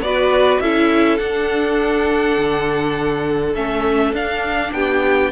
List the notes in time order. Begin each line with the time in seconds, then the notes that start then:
0.00 B3 F#4 B4 D5
0.60 C#4 E4 A4 E5
1.18 D4 F#5
2.38 D3
3.55 A3 C#4 E5
4.13 D4 F5
4.73 B3 G4 G5